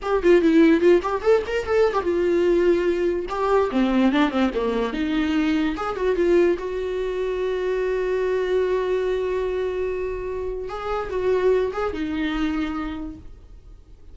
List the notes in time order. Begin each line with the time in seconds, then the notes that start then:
0.02 G4
0.22 F4
0.41 E4
0.80 F4
1.02 G4
1.22 A4
1.46 A#4
1.65 A4
1.93 G4
2.02 F4
3.29 G4
3.71 C4
4.12 D4
4.30 C4
4.54 A#3
4.93 D#4
5.76 G#4
5.96 F#4
6.16 F4
6.58 F#4
10.68 G#4
11.10 F#4
11.72 G#4
11.93 D#4